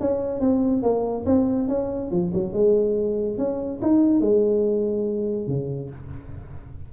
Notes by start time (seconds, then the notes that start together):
0.00 C#4
0.40 C4
0.82 A#3
1.26 C4
1.68 C#4
2.11 F3
2.34 F#3
2.53 G#3
3.38 C#4
3.82 D#4
4.21 G#3
5.47 C#3